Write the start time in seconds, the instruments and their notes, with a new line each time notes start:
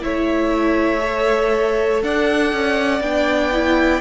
0.00 cello A3, viola E4, violin C#5 E5
1.00 viola A4
2.02 cello D4, violin D5 F#5
2.52 cello C#4
3.01 cello B3, viola D4, violin G5
3.52 viola E4